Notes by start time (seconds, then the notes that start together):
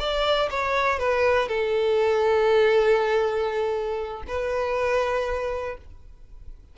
0.00 D5
0.51 C#5
1.00 B4
1.49 A4
4.28 B4